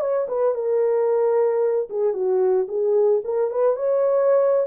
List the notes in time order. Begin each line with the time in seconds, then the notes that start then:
0.00 C#5
0.28 B4
0.55 A#4
1.90 G#4
2.13 F#4
2.68 G#4
3.24 A#4
3.50 B4
3.76 C#5